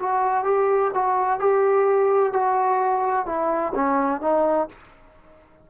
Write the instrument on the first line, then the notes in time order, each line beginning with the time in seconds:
trombone
0.00 F#4
0.44 G4
0.94 F#4
1.40 G4
2.33 F#4
3.26 E4
3.75 C#4
4.22 D#4